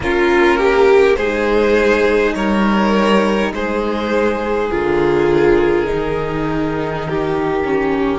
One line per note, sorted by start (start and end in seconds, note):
0.00 1.16 A#3
0.00 1.19 C#4
0.00 0.57 F4
0.00 1.15 A#4
0.57 1.16 G4
1.15 2.34 G#3
1.15 4.70 D#4
1.15 2.35 G#4
1.15 2.33 C5
2.34 3.52 G3
2.34 3.53 A#4
2.34 3.52 C#5
3.52 4.70 G#3
3.52 7.08 G#4
3.52 4.71 C5
4.70 5.90 D3
4.70 5.86 F4
4.70 8.19 A#4
5.86 8.19 D#3
5.86 7.62 D#4
7.09 8.19 G4
7.64 8.19 C#4